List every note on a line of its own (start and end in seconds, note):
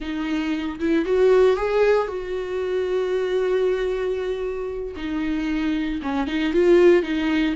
0.00 0.79 D#4
0.79 1.05 E4
1.05 1.56 F#4
1.56 2.07 G#4
2.07 4.94 F#4
4.96 6.00 D#4
6.02 6.27 C#4
6.27 6.53 D#4
6.53 7.02 F4
7.02 7.55 D#4